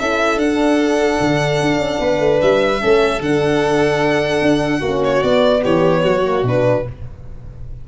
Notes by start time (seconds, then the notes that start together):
0.00 C#4 E4 A4 E5
0.37 D4 F#5
1.21 D3
1.61 D4
1.78 C#4
2.00 B3 B4
2.20 A3
2.42 G3 E5
2.80 A3 C#4 A4
3.21 D3 D4 F#5
4.42 D4
4.79 A#3 C#4 F#4
5.04 C#5
5.23 B3 D5
5.63 E3 G4 C#5
6.03 F#3 F#4
6.24 A#3
6.43 B2 D4 B4